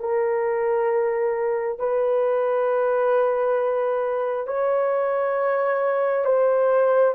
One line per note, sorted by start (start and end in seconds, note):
0.00 1.79 A#4
1.79 4.47 B4
4.47 6.25 C#5
6.25 7.14 C5